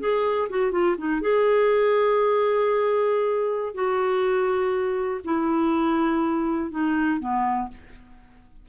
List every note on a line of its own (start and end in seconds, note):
0.00 0.49 G#4
0.50 0.72 F#4
0.72 0.96 F4
0.98 1.22 D#4
1.22 3.75 G#4
3.75 5.21 F#4
5.25 6.71 E4
6.71 7.20 D#4
7.20 7.69 B3